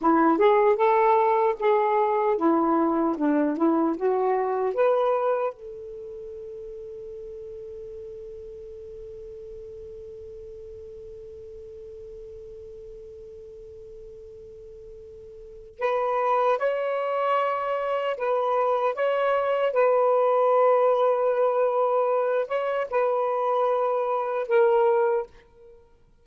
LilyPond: \new Staff \with { instrumentName = "saxophone" } { \time 4/4 \tempo 4 = 76 e'8 gis'8 a'4 gis'4 e'4 | d'8 e'8 fis'4 b'4 a'4~ | a'1~ | a'1~ |
a'1 | b'4 cis''2 b'4 | cis''4 b'2.~ | b'8 cis''8 b'2 ais'4 | }